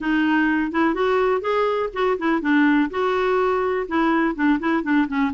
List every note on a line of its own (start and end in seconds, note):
0.00 0.71 D#4
0.71 0.94 E4
0.94 1.41 F#4
1.41 1.89 G#4
1.93 2.17 F#4
2.18 2.41 E4
2.41 2.89 D4
2.90 3.87 F#4
3.88 4.35 E4
4.35 4.59 D4
4.59 4.83 E4
4.83 5.07 D4
5.08 5.32 C#4